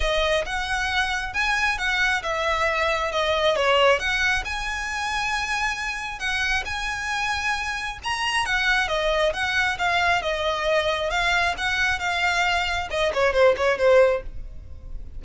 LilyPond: \new Staff \with { instrumentName = "violin" } { \time 4/4 \tempo 4 = 135 dis''4 fis''2 gis''4 | fis''4 e''2 dis''4 | cis''4 fis''4 gis''2~ | gis''2 fis''4 gis''4~ |
gis''2 ais''4 fis''4 | dis''4 fis''4 f''4 dis''4~ | dis''4 f''4 fis''4 f''4~ | f''4 dis''8 cis''8 c''8 cis''8 c''4 | }